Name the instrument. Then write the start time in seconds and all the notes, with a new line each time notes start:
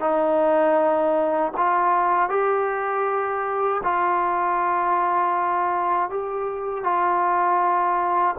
trombone
0.00 D#4
1.57 F4
2.29 G4
3.83 F4
6.09 G4
6.84 F4